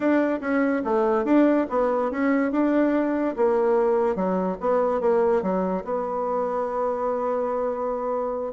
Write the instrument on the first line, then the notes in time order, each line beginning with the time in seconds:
bassoon
0.00 D4
0.40 C#4
0.84 A3
1.24 D4
1.69 B3
2.11 C#4
2.51 D4
3.36 A#3
4.15 F#3
4.60 B3
5.01 A#3
5.42 F#3
5.84 B3